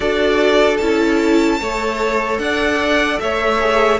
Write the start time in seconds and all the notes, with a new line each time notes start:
0.00 D4 F#4 A4 D5
0.77 C#4 E4 A5
1.59 A3 A4 C#5
2.38 D4 D5 F#5
3.20 A3 C#5 E5
3.60 G#4